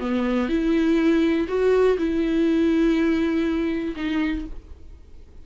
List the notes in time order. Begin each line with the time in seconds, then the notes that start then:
0.00 B3
0.49 E4
1.48 F#4
1.98 E4
3.96 D#4